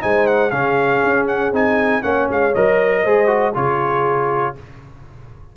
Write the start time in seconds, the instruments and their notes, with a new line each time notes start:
0.00 tuba G#3, trombone D#4, horn C5, trumpet G#5
0.26 trumpet F#5
0.50 tuba C#3, trombone C#4, horn G#4, trumpet F5
1.04 tuba C#4
1.27 trumpet F#5
1.52 tuba C4, trombone D#4, trumpet G#5
2.02 tuba A#3, trombone C#4, horn C#5, trumpet F#5
2.29 tuba G#3, trumpet F5
2.54 tuba F#3, trombone A#4, trumpet D#5
3.03 tuba G#3, trombone G#4, horn C5
3.27 trombone F#4
3.53 tuba C#3, trombone F4, horn G#4, trumpet C#5